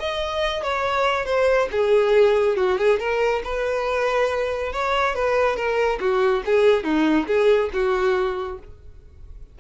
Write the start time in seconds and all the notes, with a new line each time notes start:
0.00 D#5
0.63 C#5
1.26 C5
1.72 G#4
2.57 F#4
2.78 G#4
3.00 A#4
3.44 B4
4.73 C#5
5.15 B4
5.57 A#4
6.00 F#4
6.46 G#4
6.84 D#4
7.27 G#4
7.73 F#4